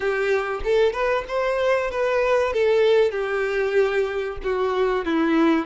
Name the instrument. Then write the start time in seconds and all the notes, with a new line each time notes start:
violin
0.00 G4
0.63 A4
0.92 B4
1.27 C5
1.90 B4
2.53 A4
3.11 G4
4.43 F#4
5.05 E4